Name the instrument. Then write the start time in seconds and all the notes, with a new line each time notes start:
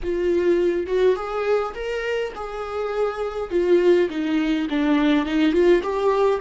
viola
0.02 F4
0.87 F#4
1.15 G#4
1.74 A#4
2.35 G#4
3.50 F4
4.09 D#4
4.69 D4
5.25 D#4
5.52 F4
5.82 G4